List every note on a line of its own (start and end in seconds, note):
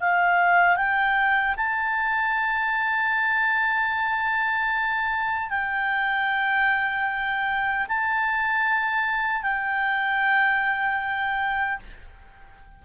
0.00 0.76 F5
0.76 1.55 G5
1.57 5.50 A5
5.50 7.87 G5
7.88 9.42 A5
9.42 11.79 G5